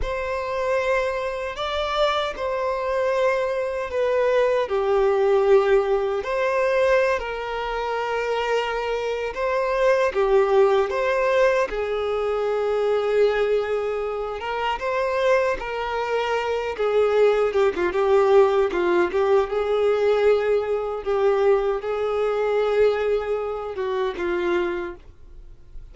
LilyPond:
\new Staff \with { instrumentName = "violin" } { \time 4/4 \tempo 4 = 77 c''2 d''4 c''4~ | c''4 b'4 g'2 | c''4~ c''16 ais'2~ ais'8. | c''4 g'4 c''4 gis'4~ |
gis'2~ gis'8 ais'8 c''4 | ais'4. gis'4 g'16 f'16 g'4 | f'8 g'8 gis'2 g'4 | gis'2~ gis'8 fis'8 f'4 | }